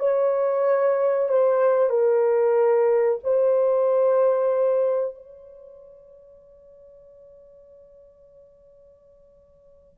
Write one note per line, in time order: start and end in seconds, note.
0.00 1.29 C#5
1.29 1.90 C5
1.90 3.19 A#4
3.24 5.15 C5
5.15 9.99 C#5